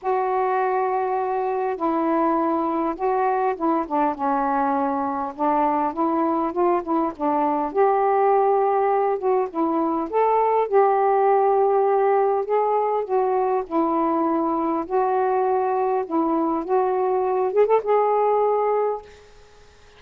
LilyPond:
\new Staff \with { instrumentName = "saxophone" } { \time 4/4 \tempo 4 = 101 fis'2. e'4~ | e'4 fis'4 e'8 d'8 cis'4~ | cis'4 d'4 e'4 f'8 e'8 | d'4 g'2~ g'8 fis'8 |
e'4 a'4 g'2~ | g'4 gis'4 fis'4 e'4~ | e'4 fis'2 e'4 | fis'4. gis'16 a'16 gis'2 | }